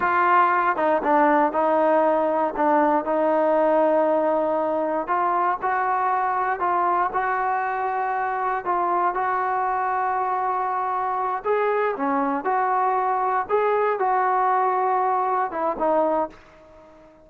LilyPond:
\new Staff \with { instrumentName = "trombone" } { \time 4/4 \tempo 4 = 118 f'4. dis'8 d'4 dis'4~ | dis'4 d'4 dis'2~ | dis'2 f'4 fis'4~ | fis'4 f'4 fis'2~ |
fis'4 f'4 fis'2~ | fis'2~ fis'8 gis'4 cis'8~ | cis'8 fis'2 gis'4 fis'8~ | fis'2~ fis'8 e'8 dis'4 | }